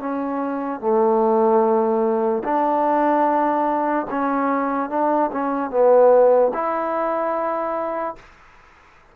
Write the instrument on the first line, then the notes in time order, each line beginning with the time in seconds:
trombone
0.00 C#4
0.81 A3
2.44 D4
4.11 C#4
4.90 D4
5.32 C#4
5.71 B3
6.54 E4